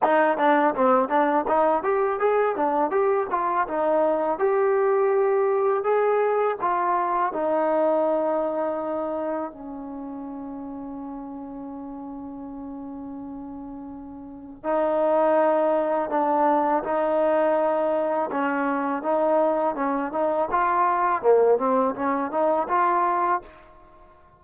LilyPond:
\new Staff \with { instrumentName = "trombone" } { \time 4/4 \tempo 4 = 82 dis'8 d'8 c'8 d'8 dis'8 g'8 gis'8 d'8 | g'8 f'8 dis'4 g'2 | gis'4 f'4 dis'2~ | dis'4 cis'2.~ |
cis'1 | dis'2 d'4 dis'4~ | dis'4 cis'4 dis'4 cis'8 dis'8 | f'4 ais8 c'8 cis'8 dis'8 f'4 | }